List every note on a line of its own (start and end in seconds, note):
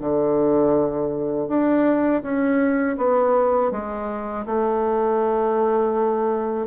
0.00 1.48 D3
1.48 2.22 D4
2.23 2.97 C#4
2.97 3.71 B3
3.71 4.45 G#3
4.46 6.66 A3